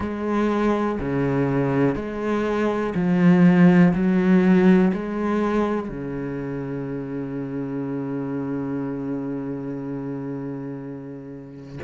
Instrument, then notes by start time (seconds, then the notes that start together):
cello
0.00 G#3
0.99 C#3
1.94 G#3
2.95 F3
3.93 F#3
4.93 G#3
5.88 C#3